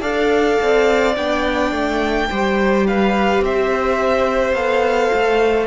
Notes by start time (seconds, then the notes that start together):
0.00 D4 A4 D5 F5
0.62 C4
1.16 B3 D4 G5
1.72 A3
2.31 G3 G4 C5
2.87 B4 F5
3.40 C4 C5 E5
4.53 B3 A4 F5
5.14 A3